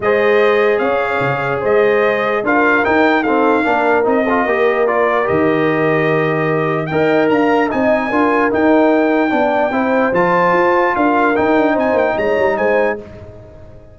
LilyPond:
<<
  \new Staff \with { instrumentName = "trumpet" } { \time 4/4 \tempo 4 = 148 dis''2 f''2 | dis''2 f''4 g''4 | f''2 dis''2 | d''4 dis''2.~ |
dis''4 g''4 ais''4 gis''4~ | gis''4 g''2.~ | g''4 a''2 f''4 | g''4 gis''8 g''8 ais''4 gis''4 | }
  \new Staff \with { instrumentName = "horn" } { \time 4/4 c''2 cis''2 | c''2 ais'2 | a'4 ais'4. a'8 ais'4~ | ais'1~ |
ais'4 dis''4 f''4 dis''4 | ais'2. d''4 | c''2. ais'4~ | ais'4 c''4 cis''4 c''4 | }
  \new Staff \with { instrumentName = "trombone" } { \time 4/4 gis'1~ | gis'2 f'4 dis'4 | c'4 d'4 dis'8 f'8 g'4 | f'4 g'2.~ |
g'4 ais'2 dis'4 | f'4 dis'2 d'4 | e'4 f'2. | dis'1 | }
  \new Staff \with { instrumentName = "tuba" } { \time 4/4 gis2 cis'4 cis4 | gis2 d'4 dis'4~ | dis'4 ais4 c'4 ais4~ | ais4 dis2.~ |
dis4 dis'4 d'4 c'4 | d'4 dis'2 b4 | c'4 f4 f'4 d'4 | dis'8 d'8 c'8 ais8 gis8 g8 gis4 | }
>>